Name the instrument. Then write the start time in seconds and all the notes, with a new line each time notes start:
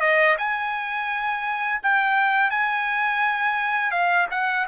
trumpet
0.00 D#5
0.38 G#5
1.82 G5
2.50 G#5
3.91 F5
4.31 F#5